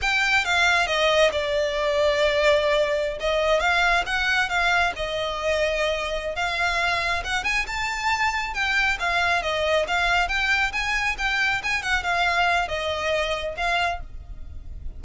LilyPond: \new Staff \with { instrumentName = "violin" } { \time 4/4 \tempo 4 = 137 g''4 f''4 dis''4 d''4~ | d''2.~ d''16 dis''8.~ | dis''16 f''4 fis''4 f''4 dis''8.~ | dis''2~ dis''8 f''4.~ |
f''8 fis''8 gis''8 a''2 g''8~ | g''8 f''4 dis''4 f''4 g''8~ | g''8 gis''4 g''4 gis''8 fis''8 f''8~ | f''4 dis''2 f''4 | }